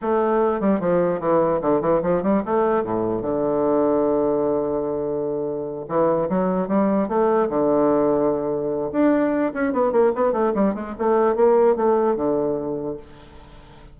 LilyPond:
\new Staff \with { instrumentName = "bassoon" } { \time 4/4 \tempo 4 = 148 a4. g8 f4 e4 | d8 e8 f8 g8 a4 a,4 | d1~ | d2~ d8 e4 fis8~ |
fis8 g4 a4 d4.~ | d2 d'4. cis'8 | b8 ais8 b8 a8 g8 gis8 a4 | ais4 a4 d2 | }